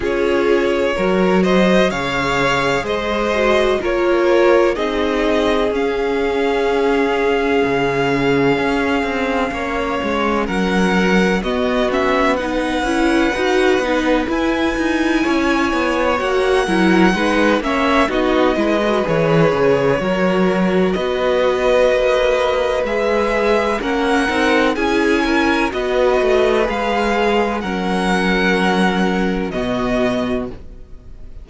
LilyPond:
<<
  \new Staff \with { instrumentName = "violin" } { \time 4/4 \tempo 4 = 63 cis''4. dis''8 f''4 dis''4 | cis''4 dis''4 f''2~ | f''2. fis''4 | dis''8 e''8 fis''2 gis''4~ |
gis''4 fis''4. e''8 dis''4 | cis''2 dis''2 | e''4 fis''4 gis''4 dis''4 | f''4 fis''2 dis''4 | }
  \new Staff \with { instrumentName = "violin" } { \time 4/4 gis'4 ais'8 c''8 cis''4 c''4 | ais'4 gis'2.~ | gis'2 cis''4 ais'4 | fis'4 b'2. |
cis''4. ais'8 b'8 cis''8 fis'8 b'8~ | b'4 ais'4 b'2~ | b'4 ais'4 gis'8 ais'8 b'4~ | b'4 ais'2 fis'4 | }
  \new Staff \with { instrumentName = "viola" } { \time 4/4 f'4 fis'4 gis'4. fis'8 | f'4 dis'4 cis'2~ | cis'1 | b8 cis'8 dis'8 e'8 fis'8 dis'8 e'4~ |
e'4 fis'8 e'8 dis'8 cis'8 dis'8 e'16 fis'16 | gis'4 fis'2. | gis'4 cis'8 dis'8 e'4 fis'4 | gis'4 cis'2 b4 | }
  \new Staff \with { instrumentName = "cello" } { \time 4/4 cis'4 fis4 cis4 gis4 | ais4 c'4 cis'2 | cis4 cis'8 c'8 ais8 gis8 fis4 | b4. cis'8 dis'8 b8 e'8 dis'8 |
cis'8 b8 ais8 fis8 gis8 ais8 b8 gis8 | e8 cis8 fis4 b4 ais4 | gis4 ais8 c'8 cis'4 b8 a8 | gis4 fis2 b,4 | }
>>